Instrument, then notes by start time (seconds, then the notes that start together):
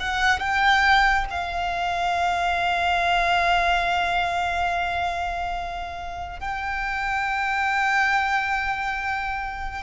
violin
0.00 F#5
0.39 G5
1.30 F5
6.40 G5